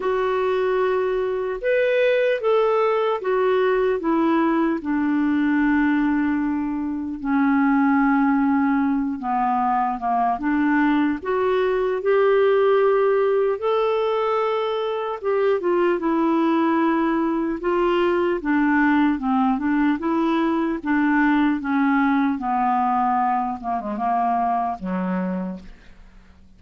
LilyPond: \new Staff \with { instrumentName = "clarinet" } { \time 4/4 \tempo 4 = 75 fis'2 b'4 a'4 | fis'4 e'4 d'2~ | d'4 cis'2~ cis'8 b8~ | b8 ais8 d'4 fis'4 g'4~ |
g'4 a'2 g'8 f'8 | e'2 f'4 d'4 | c'8 d'8 e'4 d'4 cis'4 | b4. ais16 gis16 ais4 fis4 | }